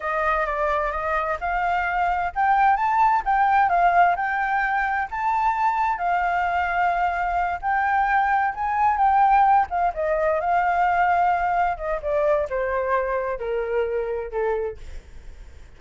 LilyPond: \new Staff \with { instrumentName = "flute" } { \time 4/4 \tempo 4 = 130 dis''4 d''4 dis''4 f''4~ | f''4 g''4 a''4 g''4 | f''4 g''2 a''4~ | a''4 f''2.~ |
f''8 g''2 gis''4 g''8~ | g''4 f''8 dis''4 f''4.~ | f''4. dis''8 d''4 c''4~ | c''4 ais'2 a'4 | }